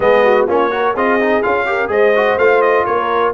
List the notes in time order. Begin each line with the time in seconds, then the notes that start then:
0.00 G#3 B3 G#4 D#5
0.24 F#4
0.47 A#3 C#4 F4 C#5
0.70 F#4 A#4
0.94 C4 F4 G#4 D#5
1.20 D#4
1.42 C#4 F4 F5
1.66 G4 A#4
1.87 G#3 G#4 C5 D#5
2.15 F#4
2.37 A3 F4 F5
2.61 D#5
2.85 A#3 A#4 C#5